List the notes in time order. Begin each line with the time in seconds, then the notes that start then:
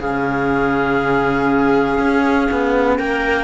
0.00 C#3 C#4 G#4 F5
1.99 C#4
2.52 B3
2.98 A#3 A#4 G5